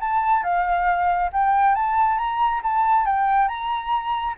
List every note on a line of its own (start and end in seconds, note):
0.00 0.43 A5
0.43 1.30 F5
1.32 1.75 G5
1.75 2.17 A5
2.17 2.61 A#5
2.63 3.05 A5
3.05 3.48 G5
3.48 4.35 A#5